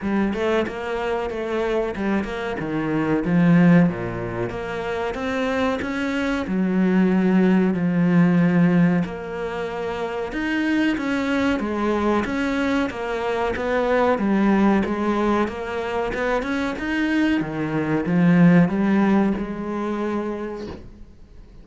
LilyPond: \new Staff \with { instrumentName = "cello" } { \time 4/4 \tempo 4 = 93 g8 a8 ais4 a4 g8 ais8 | dis4 f4 ais,4 ais4 | c'4 cis'4 fis2 | f2 ais2 |
dis'4 cis'4 gis4 cis'4 | ais4 b4 g4 gis4 | ais4 b8 cis'8 dis'4 dis4 | f4 g4 gis2 | }